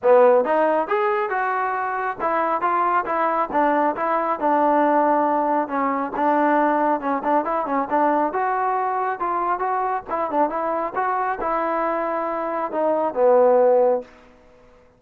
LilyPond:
\new Staff \with { instrumentName = "trombone" } { \time 4/4 \tempo 4 = 137 b4 dis'4 gis'4 fis'4~ | fis'4 e'4 f'4 e'4 | d'4 e'4 d'2~ | d'4 cis'4 d'2 |
cis'8 d'8 e'8 cis'8 d'4 fis'4~ | fis'4 f'4 fis'4 e'8 d'8 | e'4 fis'4 e'2~ | e'4 dis'4 b2 | }